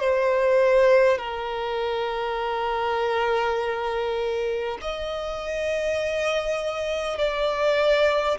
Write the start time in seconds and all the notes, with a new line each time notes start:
0.00 C5
1.18 A#4
4.81 D#5
7.17 D5